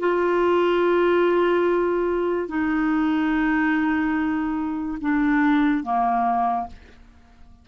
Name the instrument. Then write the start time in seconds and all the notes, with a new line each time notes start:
clarinet
0.00 F4
2.48 D#4
5.01 D4
5.84 A#3